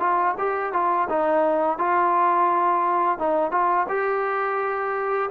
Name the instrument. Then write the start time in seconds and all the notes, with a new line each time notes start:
trombone
0.00 F4
0.39 G4
0.73 F4
1.10 D#4
1.78 F4
3.19 D#4
3.52 F4
3.89 G4